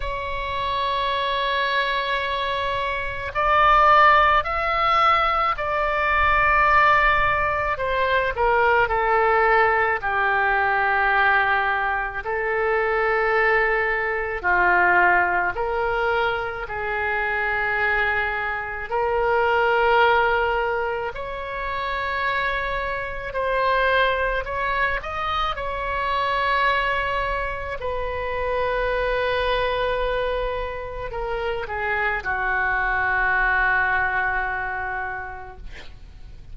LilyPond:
\new Staff \with { instrumentName = "oboe" } { \time 4/4 \tempo 4 = 54 cis''2. d''4 | e''4 d''2 c''8 ais'8 | a'4 g'2 a'4~ | a'4 f'4 ais'4 gis'4~ |
gis'4 ais'2 cis''4~ | cis''4 c''4 cis''8 dis''8 cis''4~ | cis''4 b'2. | ais'8 gis'8 fis'2. | }